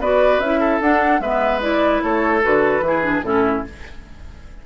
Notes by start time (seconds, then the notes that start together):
0.00 B3 F#4 B4 D5
0.39 C#4 E4 E5
0.60 A4
0.81 D4 F#5
1.20 G#3 B3 B4 E5
1.61 E4 D5
2.03 A3 A4 C#5
2.42 D3 F#4 B4
2.81 E3 E4
2.87 G#4
3.03 D4
3.23 A2 C#4 E4 A4